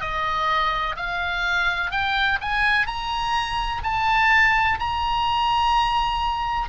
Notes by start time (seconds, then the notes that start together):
0.00 D#5
0.96 F5
1.91 G5
2.41 G#5
2.86 A#5
3.83 A5
4.79 A#5